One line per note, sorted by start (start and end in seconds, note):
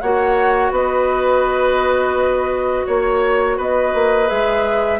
0.00 0.70 A#3
0.00 4.27 F#4
0.00 0.72 C#5
0.00 0.71 F#5
0.70 2.85 B3
0.70 2.86 B4
0.70 2.87 D#5
2.86 3.58 A#3
2.86 3.57 C#5
2.86 3.58 C#5
3.57 3.93 B3
3.57 4.99 B4
3.57 4.28 D#5
3.94 4.29 A#3
4.27 4.99 G#3
4.27 4.98 G#4
4.27 4.99 E5